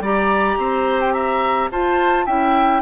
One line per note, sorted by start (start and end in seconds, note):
0.00 0.56 G3
0.00 1.71 G4
0.00 0.58 D5
0.00 1.01 A#5
0.58 1.70 C4
0.58 1.14 C5
1.01 1.13 G5
1.13 1.70 E5
1.13 1.69 A#5
1.71 2.27 F4
1.71 2.26 C5
1.71 2.26 A5
2.26 2.82 C#4
2.26 2.82 E4
2.26 2.82 E5
2.26 2.82 G5